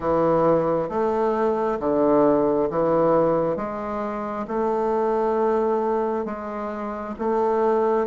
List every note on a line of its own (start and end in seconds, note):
0.00 0.89 E3
0.89 1.79 A3
1.79 2.69 D3
2.69 3.56 E3
3.56 4.46 G#3
4.47 6.25 A3
6.25 7.14 G#3
7.18 8.06 A3